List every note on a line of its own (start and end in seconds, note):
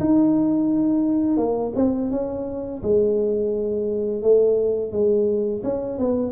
0.00 1.37 D#4
1.37 1.73 A#3
1.76 2.11 C4
2.11 2.82 C#4
2.83 4.22 G#3
4.22 4.92 A3
4.92 5.62 G#3
5.63 5.99 C#4
5.99 6.32 B3